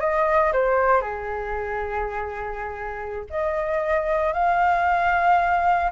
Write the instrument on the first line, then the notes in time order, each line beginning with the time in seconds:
flute
0.00 D#5
0.53 C5
1.01 G#4
3.30 D#5
4.33 F5